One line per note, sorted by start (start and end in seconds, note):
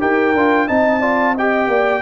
0.00 0.34 D#4
0.00 0.34 G4
0.00 0.68 A#4
0.00 0.68 G5
0.34 0.68 D4
0.34 0.68 F4
0.68 1.68 C4
0.68 1.02 D#4
0.68 1.01 D#5
0.68 1.36 A5
1.01 1.35 F4
1.01 1.35 D5
1.35 2.02 G4
1.35 1.69 D#5
1.35 2.02 G5
1.68 2.01 A#3
1.68 2.02 D5